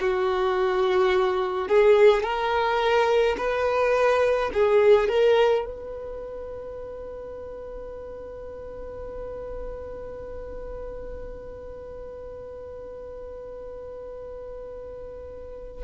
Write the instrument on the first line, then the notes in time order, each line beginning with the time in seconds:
violin
0.00 F#4
1.68 G#4
2.23 A#4
3.37 B4
4.53 G#4
5.08 A#4
5.65 B4